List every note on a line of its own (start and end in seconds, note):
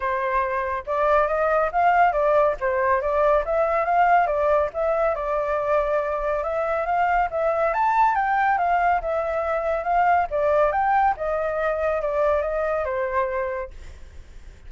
0.00 0.84 C5
0.86 1.27 D5
1.27 1.70 D#5
1.72 2.12 F5
2.12 2.55 D5
2.60 3.01 C5
3.01 3.43 D5
3.45 3.85 E5
3.85 4.26 F5
4.26 4.69 D5
4.73 5.14 E5
5.14 6.43 D5
6.43 6.86 E5
6.86 7.28 F5
7.30 7.73 E5
7.73 8.15 A5
8.15 8.58 G5
8.58 9.00 F5
9.01 9.83 E5
9.83 10.26 F5
10.30 10.72 D5
10.72 11.14 G5
11.16 12.01 D#5
12.01 12.42 D5
12.42 12.84 D#5
12.84 13.70 C5